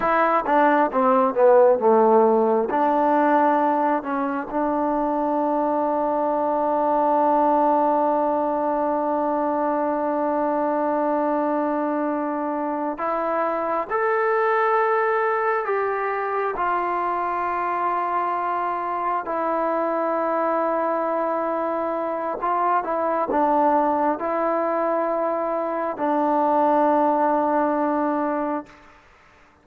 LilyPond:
\new Staff \with { instrumentName = "trombone" } { \time 4/4 \tempo 4 = 67 e'8 d'8 c'8 b8 a4 d'4~ | d'8 cis'8 d'2.~ | d'1~ | d'2~ d'8 e'4 a'8~ |
a'4. g'4 f'4.~ | f'4. e'2~ e'8~ | e'4 f'8 e'8 d'4 e'4~ | e'4 d'2. | }